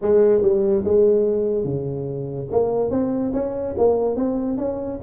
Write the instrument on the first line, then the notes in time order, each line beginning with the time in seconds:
tuba
0.01 G#3
0.41 G3
0.84 G#3
1.64 C#3
2.51 A#3
2.90 C4
3.33 C#4
3.77 A#3
4.16 C4
4.57 C#4